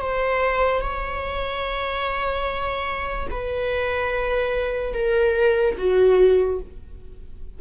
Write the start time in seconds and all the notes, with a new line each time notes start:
0.00 C5
0.81 C#5
3.30 B4
4.94 A#4
5.78 F#4